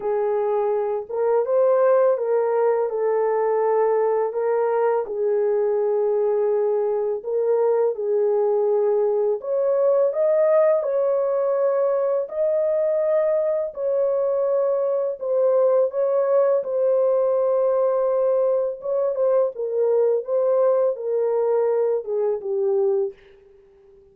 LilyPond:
\new Staff \with { instrumentName = "horn" } { \time 4/4 \tempo 4 = 83 gis'4. ais'8 c''4 ais'4 | a'2 ais'4 gis'4~ | gis'2 ais'4 gis'4~ | gis'4 cis''4 dis''4 cis''4~ |
cis''4 dis''2 cis''4~ | cis''4 c''4 cis''4 c''4~ | c''2 cis''8 c''8 ais'4 | c''4 ais'4. gis'8 g'4 | }